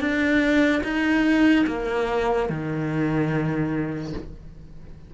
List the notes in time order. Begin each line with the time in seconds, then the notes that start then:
0.00 D4
0.84 D#4
1.67 A#3
2.49 D#3